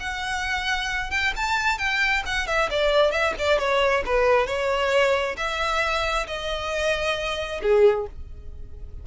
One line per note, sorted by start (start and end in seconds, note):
0.00 1.11 F#5
1.11 1.33 G5
1.36 1.78 A5
1.78 2.23 G5
2.26 2.47 F#5
2.47 2.69 E5
2.70 3.11 D5
3.11 3.34 E5
3.38 3.59 D5
3.59 4.03 C#5
4.05 4.47 B4
4.47 5.36 C#5
5.37 6.26 E5
6.27 7.61 D#5
7.62 8.07 G#4